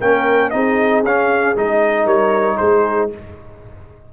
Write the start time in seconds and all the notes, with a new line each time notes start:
0.00 A#3 C#4 A#4 G5
0.50 C4 D#4 G#4 D#5
1.02 C#4 F5
1.55 G#3 D#4 D#5
2.05 G3 A#4 C#5
2.57 G#3 G#4 C5